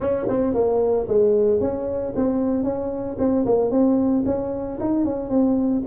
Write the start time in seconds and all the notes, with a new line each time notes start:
0.00 C#4
0.28 C4
0.54 A#3
1.08 G#3
1.60 C#4
2.15 C4
2.63 C#4
3.18 C4
3.45 A#3
3.70 C4
4.25 C#4
4.80 D#4
5.04 C#4
5.29 C4